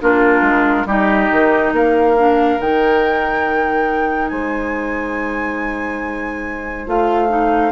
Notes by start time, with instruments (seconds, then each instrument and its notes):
0.00 bassoon A#3, clarinet D4, oboe F4, flute A#4
0.41 bassoon G#3
0.85 bassoon G3, clarinet D#4, oboe G4, flute D#5
1.31 bassoon D#3
1.72 bassoon A#3, oboe A#4, flute F5
2.16 clarinet D4
2.59 bassoon D#3, clarinet D#4, flute G5
4.28 bassoon G#3, oboe C5, flute G#5
6.86 bassoon A3, clarinet F4, flute F5
7.28 clarinet D#4